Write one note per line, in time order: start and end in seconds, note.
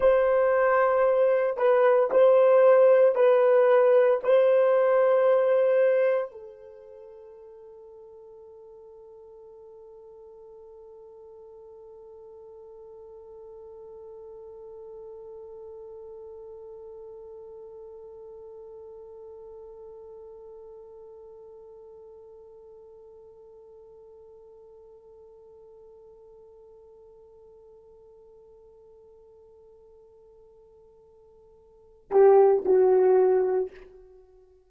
0.00 1.57 C5
1.57 2.10 B4
2.11 3.15 C5
3.15 4.20 B4
4.23 6.31 C5
6.31 32.10 A4
32.11 32.63 G4
32.65 33.70 F#4